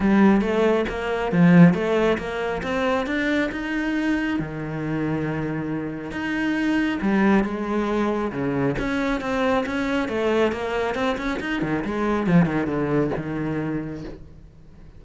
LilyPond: \new Staff \with { instrumentName = "cello" } { \time 4/4 \tempo 4 = 137 g4 a4 ais4 f4 | a4 ais4 c'4 d'4 | dis'2 dis2~ | dis2 dis'2 |
g4 gis2 cis4 | cis'4 c'4 cis'4 a4 | ais4 c'8 cis'8 dis'8 dis8 gis4 | f8 dis8 d4 dis2 | }